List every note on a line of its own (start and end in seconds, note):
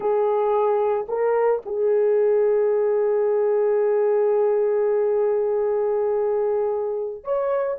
0.00 1.06 G#4
1.08 1.61 A#4
1.65 7.24 G#4
7.24 7.77 C#5